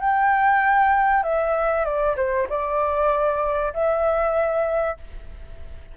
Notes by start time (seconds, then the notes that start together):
0.00 G5
1.23 E5
1.84 D5
2.16 C5
2.49 D5
3.73 E5